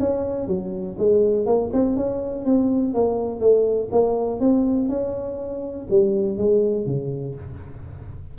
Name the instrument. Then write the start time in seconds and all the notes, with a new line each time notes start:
tuba
0.00 C#4
0.48 F#3
0.99 G#3
1.46 A#3
1.73 C4
1.97 C#4
2.46 C4
2.95 A#3
3.41 A3
3.92 A#3
4.40 C4
4.89 C#4
5.90 G3
6.38 G#3
6.86 C#3